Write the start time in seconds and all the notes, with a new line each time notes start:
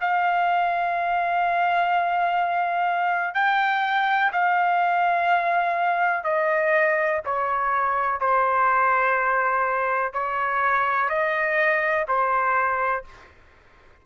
0.00 F5
3.34 G5
4.32 F5
6.24 D#5
7.25 C#5
8.20 C5
10.13 C#5
11.09 D#5
12.07 C5